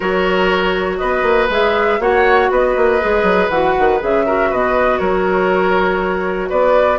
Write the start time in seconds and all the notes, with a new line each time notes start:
0.00 F#3 F#4 A#4 C#5
0.97 B3 B4 D#5
1.22 A#3
1.49 G#3 G#4 E5
1.99 A#3 F#4 C#5 F#5
2.50 B3 B4 D#5
2.76 A#3
3.00 G#3 G#4
3.23 F#3
3.49 E3 F#4 F#5
3.79 D#3
3.99 C#3 G#4 E5
4.26 F#4 A#4
4.49 B2 B4 D#5
4.98 F#3 A#4 C#5
6.49 B3 B4 D5